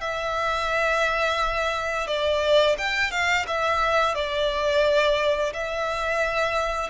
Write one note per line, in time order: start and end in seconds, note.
0.00 2.07 E5
2.07 2.76 D5
2.78 3.11 G5
3.11 3.45 F5
3.47 4.14 E5
4.14 5.52 D5
5.53 6.89 E5